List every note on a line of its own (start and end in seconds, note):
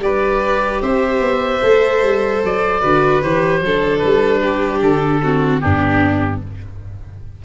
0.00 0.80 G3
0.00 1.62 G4
0.00 0.82 B4
0.00 0.82 D5
0.82 1.20 C4
0.82 2.81 C5
0.82 2.42 E5
1.20 1.60 B3
1.63 2.02 A3
1.63 2.83 A4
2.02 2.42 G3
2.44 2.83 F#3
2.44 3.23 D5
2.81 3.23 D3
2.81 3.23 F#4
2.81 3.61 B4
3.23 3.61 E3
3.23 3.64 G4
3.23 3.99 C5
3.61 4.01 F#3
3.61 5.24 D4
3.61 4.41 A4
3.99 4.82 G3
3.99 4.79 B4
4.41 5.21 G4
4.82 5.62 D3
4.82 5.61 A4
5.24 5.62 C4
5.24 5.63 F#4
5.61 6.45 G2
5.61 6.42 B3
5.61 6.43 D4
5.61 6.41 G4